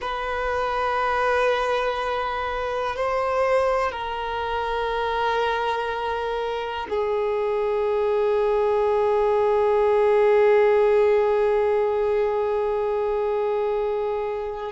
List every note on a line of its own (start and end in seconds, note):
0.00 2.96 B4
2.96 3.91 C5
3.91 6.86 A#4
6.89 14.72 G#4